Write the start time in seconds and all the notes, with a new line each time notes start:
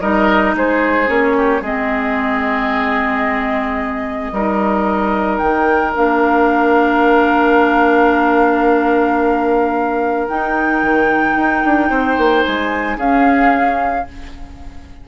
0.00 G3 D#4 A#4 D#5
0.54 G#3 G#4 C5
1.06 A#3 C#4 C#5
1.37 G4
1.60 G#3 C4 G#4 D#5
4.32 G3 D#4 A#4
5.38 D#3 G5
5.95 A#3 D4 F5
10.28 D#4 G5
10.82 D#3
11.36 D#4
11.64 D4
11.89 C4 C5
12.17 A#3
12.43 G#3 G#5
12.97 C#4 G#4 F5